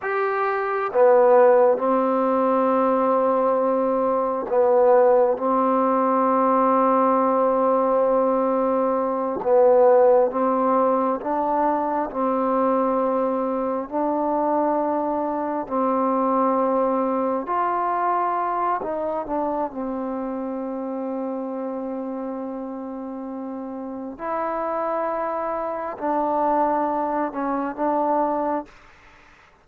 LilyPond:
\new Staff \with { instrumentName = "trombone" } { \time 4/4 \tempo 4 = 67 g'4 b4 c'2~ | c'4 b4 c'2~ | c'2~ c'8 b4 c'8~ | c'8 d'4 c'2 d'8~ |
d'4. c'2 f'8~ | f'4 dis'8 d'8 c'2~ | c'2. e'4~ | e'4 d'4. cis'8 d'4 | }